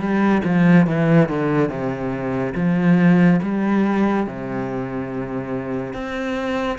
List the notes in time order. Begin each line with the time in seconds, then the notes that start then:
0.00 G3
0.45 F3
0.87 E3
1.29 D3
1.69 C3
2.56 F3
3.43 G3
4.27 C3
5.94 C4